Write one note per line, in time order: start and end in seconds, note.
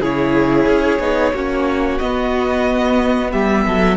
0.00 0.66 C#3
0.00 1.00 E4
0.00 1.33 G#4
0.00 1.98 C#5
0.66 0.99 C#4
0.99 1.32 B3
0.99 1.33 D#4
1.33 1.98 A#3
1.33 2.01 C#4
1.33 3.31 F#4
1.98 3.33 B3
1.98 3.96 B3
1.98 3.30 D#5
3.31 3.65 G3
3.31 3.64 G4
3.31 3.96 E5
3.65 3.96 F#3
3.65 3.96 A4